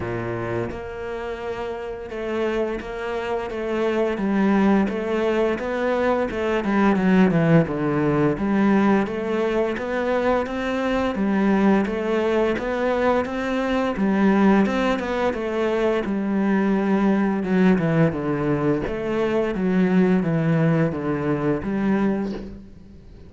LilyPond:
\new Staff \with { instrumentName = "cello" } { \time 4/4 \tempo 4 = 86 ais,4 ais2 a4 | ais4 a4 g4 a4 | b4 a8 g8 fis8 e8 d4 | g4 a4 b4 c'4 |
g4 a4 b4 c'4 | g4 c'8 b8 a4 g4~ | g4 fis8 e8 d4 a4 | fis4 e4 d4 g4 | }